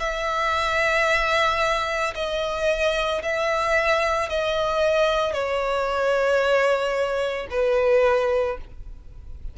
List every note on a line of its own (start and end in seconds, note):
0.00 2.14 E5
2.15 3.22 D#5
3.22 4.30 E5
4.30 5.33 D#5
5.33 7.48 C#5
7.50 8.58 B4